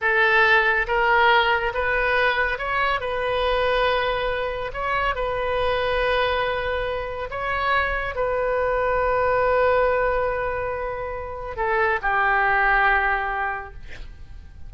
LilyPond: \new Staff \with { instrumentName = "oboe" } { \time 4/4 \tempo 4 = 140 a'2 ais'2 | b'2 cis''4 b'4~ | b'2. cis''4 | b'1~ |
b'4 cis''2 b'4~ | b'1~ | b'2. a'4 | g'1 | }